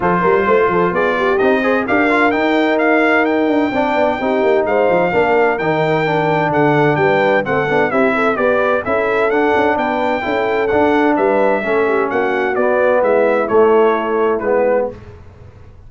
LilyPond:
<<
  \new Staff \with { instrumentName = "trumpet" } { \time 4/4 \tempo 4 = 129 c''2 d''4 dis''4 | f''4 g''4 f''4 g''4~ | g''2 f''2 | g''2 fis''4 g''4 |
fis''4 e''4 d''4 e''4 | fis''4 g''2 fis''4 | e''2 fis''4 d''4 | e''4 cis''2 b'4 | }
  \new Staff \with { instrumentName = "horn" } { \time 4/4 a'8 ais'8 c''8 a'8 gis'8 g'4 c''8 | ais'1 | d''4 g'4 c''4 ais'4~ | ais'2 a'4 b'4 |
a'4 g'8 a'8 b'4 a'4~ | a'4 b'4 a'2 | b'4 a'8 g'8 fis'2 | e'1 | }
  \new Staff \with { instrumentName = "trombone" } { \time 4/4 f'2. dis'8 gis'8 | g'8 f'8 dis'2. | d'4 dis'2 d'4 | dis'4 d'2. |
c'8 d'8 e'4 g'4 e'4 | d'2 e'4 d'4~ | d'4 cis'2 b4~ | b4 a2 b4 | }
  \new Staff \with { instrumentName = "tuba" } { \time 4/4 f8 g8 a8 f8 b4 c'4 | d'4 dis'2~ dis'8 d'8 | c'8 b8 c'8 ais8 gis8 f8 ais4 | dis2 d4 g4 |
a8 b8 c'4 b4 cis'4 | d'8 cis'8 b4 cis'4 d'4 | g4 a4 ais4 b4 | gis4 a2 gis4 | }
>>